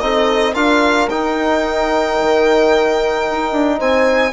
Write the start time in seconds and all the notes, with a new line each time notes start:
0.00 C4 D#4 A4 D#5
0.55 D4 F4 A#4 F5
1.09 D#4 G5
2.21 D#3
3.31 D#4
3.53 D4
3.78 C4 C5 G#5